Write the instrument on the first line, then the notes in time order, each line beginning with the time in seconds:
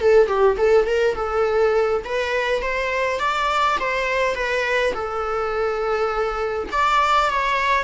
viola
0.00 A4
0.27 G4
0.57 A4
0.86 A#4
1.15 A4
2.04 B4
2.62 C5
3.19 D5
3.79 C5
4.35 B4
4.94 A4
6.71 D5
7.30 C#5